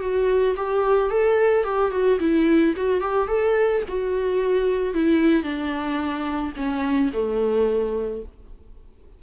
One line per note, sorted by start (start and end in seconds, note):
0.00 0.55 F#4
0.56 1.10 G4
1.10 1.63 A4
1.63 1.91 G4
1.91 2.18 F#4
2.19 2.74 E4
2.76 3.00 F#4
3.00 3.27 G4
3.27 3.82 A4
3.88 4.93 F#4
4.93 5.43 E4
5.43 6.52 D4
6.56 7.11 C#4
7.13 8.22 A3